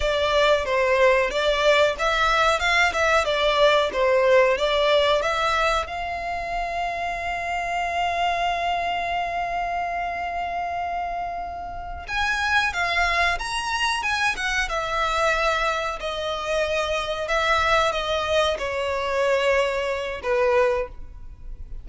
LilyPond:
\new Staff \with { instrumentName = "violin" } { \time 4/4 \tempo 4 = 92 d''4 c''4 d''4 e''4 | f''8 e''8 d''4 c''4 d''4 | e''4 f''2.~ | f''1~ |
f''2~ f''8 gis''4 f''8~ | f''8 ais''4 gis''8 fis''8 e''4.~ | e''8 dis''2 e''4 dis''8~ | dis''8 cis''2~ cis''8 b'4 | }